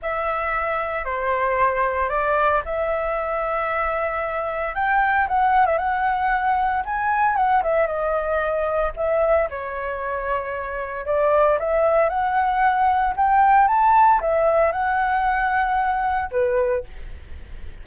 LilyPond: \new Staff \with { instrumentName = "flute" } { \time 4/4 \tempo 4 = 114 e''2 c''2 | d''4 e''2.~ | e''4 g''4 fis''8. e''16 fis''4~ | fis''4 gis''4 fis''8 e''8 dis''4~ |
dis''4 e''4 cis''2~ | cis''4 d''4 e''4 fis''4~ | fis''4 g''4 a''4 e''4 | fis''2. b'4 | }